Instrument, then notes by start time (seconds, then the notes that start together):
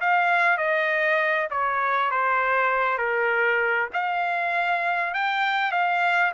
trumpet
0.00 F5
0.57 D#5
1.50 C#5
2.11 C5
2.98 A#4
3.93 F5
5.14 G5
5.71 F5